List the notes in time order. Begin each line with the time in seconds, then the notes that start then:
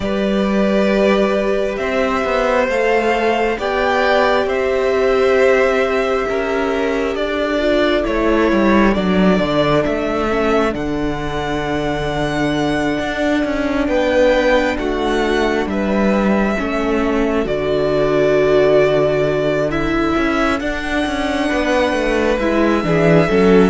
0.00 G3 G4 B4 D5
1.76 C4 C5 E5
2.24 B3
2.68 A3 A4 F5
3.56 B3 G4 D5 G5
4.45 C4 C5 E5
6.28 C#4 A#4
7.15 D4 A4 D5
7.58 F4
8.02 A3 E4 C#5
8.51 G3
8.93 F#3 D4 D5
9.39 D3
9.84 A3 E5
10.29 C#4
10.70 D3 D4 F#5
12.99 D4
13.44 C#4
13.87 B3 B4 G5
14.78 A3 F#4 F#5
15.66 G3 B4 E5
16.56 A3 C#4 A4
17.44 D3 F#4 D5
19.69 E4 E5
20.16 C#4
20.59 D4 F#5
21.05 C#4
21.49 B3 B4
21.92 A3
22.39 G#3 E4 E5
22.83 E3 D4 G#4
23.29 F#3 C#4 A4